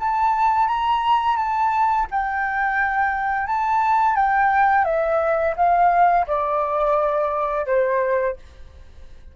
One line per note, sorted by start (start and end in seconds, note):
0.00 0.68 A5
0.68 1.37 A#5
1.37 2.07 A5
2.11 3.47 G5
3.47 4.16 A5
4.16 4.85 G5
4.85 5.55 E5
5.57 6.27 F5
6.27 7.66 D5
7.66 8.36 C5